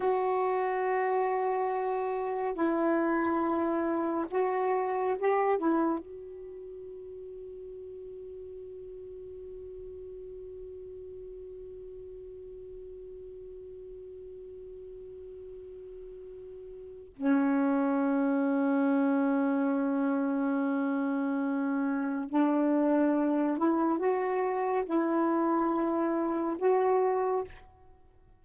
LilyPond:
\new Staff \with { instrumentName = "saxophone" } { \time 4/4 \tempo 4 = 70 fis'2. e'4~ | e'4 fis'4 g'8 e'8 fis'4~ | fis'1~ | fis'1~ |
fis'1 | cis'1~ | cis'2 d'4. e'8 | fis'4 e'2 fis'4 | }